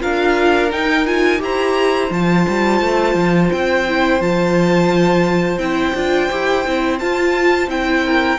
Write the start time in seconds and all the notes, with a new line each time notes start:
0.00 D4 F4 A#4 F5
0.71 D#4 G5
1.06 F4 G#5
1.39 E4 G4 C5 A#5
2.11 F3 F4 A5
2.48 G3
2.81 A3
3.15 F3
3.52 C4 G5
3.88 E4
4.20 F3 F4 A5
5.58 C4 E4 G5
5.95 D4 F4
6.30 E4 G4
6.66 C4 E4
6.99 F4 A5
7.67 C4 E4 G5
8.05 A#4